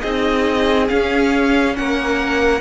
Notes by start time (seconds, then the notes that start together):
0.00 C4 D#4 G#4 D#5
0.88 C#4 F5
1.76 A#3 A#4 F#5